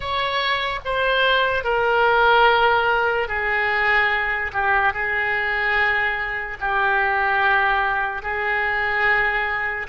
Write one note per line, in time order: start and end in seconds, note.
0.00 0.80 C#5
0.84 1.64 C5
1.64 3.28 A#4
3.28 4.51 G#4
4.52 4.93 G4
4.93 6.57 G#4
6.60 8.22 G4
8.22 9.86 G#4